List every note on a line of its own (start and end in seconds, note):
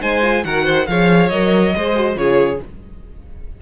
0.00 0.45 G#3
0.00 0.22 D#4
0.00 0.44 C5
0.00 0.44 G#5
0.22 0.43 F4
0.44 0.88 D#3
0.44 0.87 F#4
0.44 0.65 A#4
0.44 0.86 F#5
0.65 0.87 C5
0.86 1.31 F3
0.86 1.31 G#4
0.86 1.76 C#5
0.86 1.29 F5
1.29 1.74 F#3
1.29 1.75 A#4
1.29 2.15 D#5
1.75 2.15 G#3
1.75 1.95 G#4
1.75 2.18 C5
1.95 2.16 F#4
2.15 2.59 C#3
2.15 2.59 F4
2.15 2.62 G#4
2.15 2.60 C#5